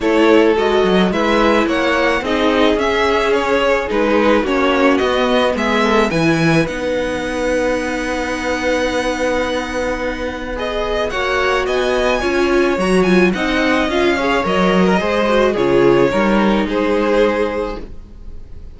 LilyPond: <<
  \new Staff \with { instrumentName = "violin" } { \time 4/4 \tempo 4 = 108 cis''4 dis''4 e''4 fis''4 | dis''4 e''4 cis''4 b'4 | cis''4 dis''4 e''4 gis''4 | fis''1~ |
fis''2. dis''4 | fis''4 gis''2 ais''8 gis''8 | fis''4 f''4 dis''2 | cis''2 c''2 | }
  \new Staff \with { instrumentName = "violin" } { \time 4/4 a'2 b'4 cis''4 | gis'1 | fis'2 gis'8 a'8 b'4~ | b'1~ |
b'1 | cis''4 dis''4 cis''2 | dis''4. cis''4~ cis''16 ais'16 c''4 | gis'4 ais'4 gis'2 | }
  \new Staff \with { instrumentName = "viola" } { \time 4/4 e'4 fis'4 e'2 | dis'4 cis'2 dis'4 | cis'4 b2 e'4 | dis'1~ |
dis'2. gis'4 | fis'2 f'4 fis'8 f'8 | dis'4 f'8 gis'8 ais'4 gis'8 fis'8 | f'4 dis'2. | }
  \new Staff \with { instrumentName = "cello" } { \time 4/4 a4 gis8 fis8 gis4 ais4 | c'4 cis'2 gis4 | ais4 b4 gis4 e4 | b1~ |
b1 | ais4 b4 cis'4 fis4 | c'4 cis'4 fis4 gis4 | cis4 g4 gis2 | }
>>